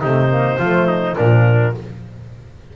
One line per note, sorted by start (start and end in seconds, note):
0.00 0.58 C3
0.00 0.29 A3
0.00 0.58 D#4
0.00 1.16 C5
0.29 0.57 A#3
0.58 1.16 F3
0.58 1.16 A3
0.58 0.87 F4
0.87 1.16 D#4
1.16 1.75 A#2
1.16 1.74 F3
1.16 1.74 D4
1.16 1.73 A#4